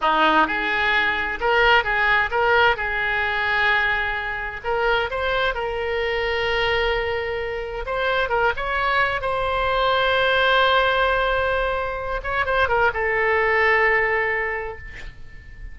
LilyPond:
\new Staff \with { instrumentName = "oboe" } { \time 4/4 \tempo 4 = 130 dis'4 gis'2 ais'4 | gis'4 ais'4 gis'2~ | gis'2 ais'4 c''4 | ais'1~ |
ais'4 c''4 ais'8 cis''4. | c''1~ | c''2~ c''8 cis''8 c''8 ais'8 | a'1 | }